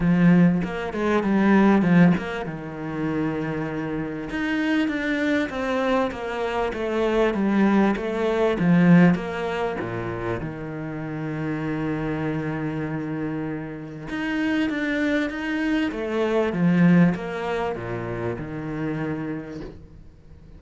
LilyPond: \new Staff \with { instrumentName = "cello" } { \time 4/4 \tempo 4 = 98 f4 ais8 gis8 g4 f8 ais8 | dis2. dis'4 | d'4 c'4 ais4 a4 | g4 a4 f4 ais4 |
ais,4 dis2.~ | dis2. dis'4 | d'4 dis'4 a4 f4 | ais4 ais,4 dis2 | }